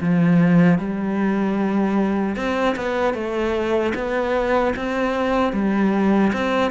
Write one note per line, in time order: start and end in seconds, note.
0.00 0.78 F3
0.78 2.36 G3
2.36 2.75 C4
2.76 3.14 B3
3.14 3.93 A3
3.94 4.73 B3
4.75 5.52 C4
5.52 6.31 G3
6.32 6.71 C4